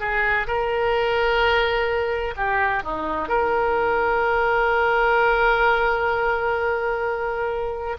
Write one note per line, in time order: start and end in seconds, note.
0.00 0.47 G#4
0.47 2.35 A#4
2.37 2.83 G4
2.83 3.29 D#4
3.29 7.97 A#4